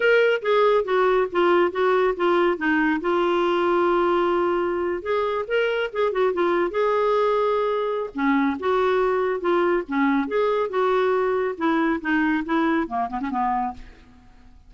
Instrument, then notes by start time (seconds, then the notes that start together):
clarinet
0.00 A#4
0.41 G#4
0.84 F#4
1.32 F4
1.71 F#4
2.16 F4
2.57 D#4
3.00 F4
5.02 G#4
5.47 A#4
5.93 G#4
6.11 F#4
6.33 F4
6.70 G#4
8.14 C#4
8.59 F#4
9.40 F4
9.87 C#4
10.27 G#4
10.69 F#4
11.57 E4
12.01 D#4
12.45 E4
12.87 A#3
13.09 B3
13.20 C#4
13.30 B3